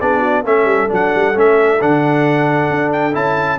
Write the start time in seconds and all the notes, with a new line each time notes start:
0.00 B3 D4 G#4 D5
0.20 F#4
0.43 A3 C#4 A4 E5
0.65 G3
0.88 F#3 D4 F#5
1.15 G3
1.34 A3 C#4 E5
1.81 D3 D4 F#5
2.70 D4
2.92 G5
3.13 C#4 E4 A5